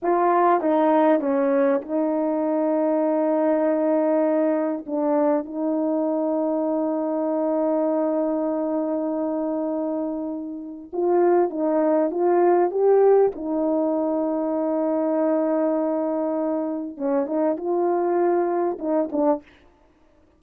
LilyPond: \new Staff \with { instrumentName = "horn" } { \time 4/4 \tempo 4 = 99 f'4 dis'4 cis'4 dis'4~ | dis'1 | d'4 dis'2.~ | dis'1~ |
dis'2 f'4 dis'4 | f'4 g'4 dis'2~ | dis'1 | cis'8 dis'8 f'2 dis'8 d'8 | }